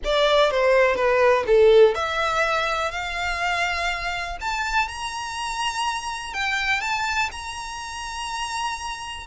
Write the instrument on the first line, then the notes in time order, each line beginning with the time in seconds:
violin
0.04 D5
0.51 C5
0.95 B4
1.46 A4
1.94 E5
2.91 F5
4.41 A5
4.88 A#5
6.33 G5
6.80 A5
7.31 A#5